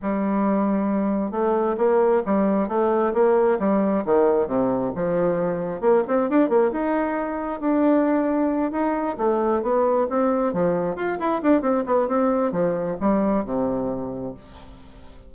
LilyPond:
\new Staff \with { instrumentName = "bassoon" } { \time 4/4 \tempo 4 = 134 g2. a4 | ais4 g4 a4 ais4 | g4 dis4 c4 f4~ | f4 ais8 c'8 d'8 ais8 dis'4~ |
dis'4 d'2~ d'8 dis'8~ | dis'8 a4 b4 c'4 f8~ | f8 f'8 e'8 d'8 c'8 b8 c'4 | f4 g4 c2 | }